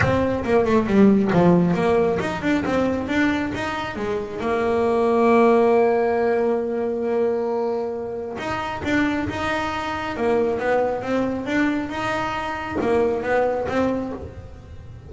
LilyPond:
\new Staff \with { instrumentName = "double bass" } { \time 4/4 \tempo 4 = 136 c'4 ais8 a8 g4 f4 | ais4 dis'8 d'8 c'4 d'4 | dis'4 gis4 ais2~ | ais1~ |
ais2. dis'4 | d'4 dis'2 ais4 | b4 c'4 d'4 dis'4~ | dis'4 ais4 b4 c'4 | }